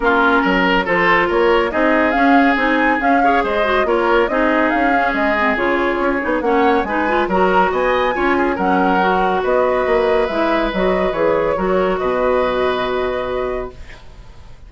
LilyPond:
<<
  \new Staff \with { instrumentName = "flute" } { \time 4/4 \tempo 4 = 140 ais'2 c''4 cis''4 | dis''4 f''4 gis''4 f''4 | dis''4 cis''4 dis''4 f''4 | dis''4 cis''2 fis''4 |
gis''4 ais''4 gis''2 | fis''2 dis''2 | e''4 dis''4 cis''2 | dis''1 | }
  \new Staff \with { instrumentName = "oboe" } { \time 4/4 f'4 ais'4 a'4 ais'4 | gis'2.~ gis'8 cis''8 | c''4 ais'4 gis'2~ | gis'2. cis''4 |
b'4 ais'4 dis''4 cis''8 gis'8 | ais'2 b'2~ | b'2. ais'4 | b'1 | }
  \new Staff \with { instrumentName = "clarinet" } { \time 4/4 cis'2 f'2 | dis'4 cis'4 dis'4 cis'8 gis'8~ | gis'8 fis'8 f'4 dis'4. cis'8~ | cis'8 c'8 f'4. dis'8 cis'4 |
dis'8 f'8 fis'2 f'4 | cis'4 fis'2. | e'4 fis'4 gis'4 fis'4~ | fis'1 | }
  \new Staff \with { instrumentName = "bassoon" } { \time 4/4 ais4 fis4 f4 ais4 | c'4 cis'4 c'4 cis'4 | gis4 ais4 c'4 cis'4 | gis4 cis4 cis'8 b8 ais4 |
gis4 fis4 b4 cis'4 | fis2 b4 ais4 | gis4 fis4 e4 fis4 | b,1 | }
>>